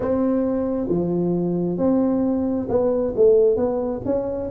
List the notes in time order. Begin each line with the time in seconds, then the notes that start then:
0.00 C4
0.88 F3
1.77 C4
2.68 B3
3.15 A3
3.56 B3
4.05 C#4